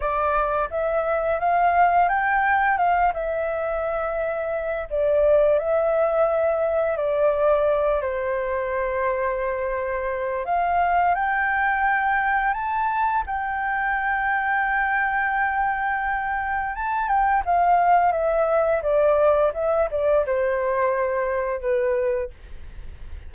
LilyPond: \new Staff \with { instrumentName = "flute" } { \time 4/4 \tempo 4 = 86 d''4 e''4 f''4 g''4 | f''8 e''2~ e''8 d''4 | e''2 d''4. c''8~ | c''2. f''4 |
g''2 a''4 g''4~ | g''1 | a''8 g''8 f''4 e''4 d''4 | e''8 d''8 c''2 b'4 | }